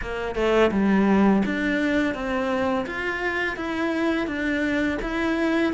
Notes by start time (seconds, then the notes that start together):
0.01 A#3
0.35 A3
0.71 G3
1.45 D4
2.14 C4
2.86 F4
3.56 E4
4.27 D4
5.02 E4